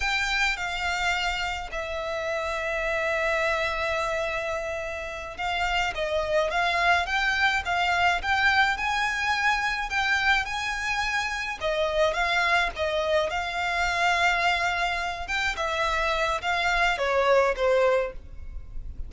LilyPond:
\new Staff \with { instrumentName = "violin" } { \time 4/4 \tempo 4 = 106 g''4 f''2 e''4~ | e''1~ | e''4. f''4 dis''4 f''8~ | f''8 g''4 f''4 g''4 gis''8~ |
gis''4. g''4 gis''4.~ | gis''8 dis''4 f''4 dis''4 f''8~ | f''2. g''8 e''8~ | e''4 f''4 cis''4 c''4 | }